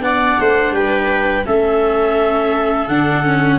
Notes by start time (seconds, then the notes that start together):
0.00 B3 D4 D5 F#5
0.40 A3 C5
0.71 G3 B4 G5
1.44 A3 C#4 A4 E5
2.88 D3 D4 F#5
3.24 C#4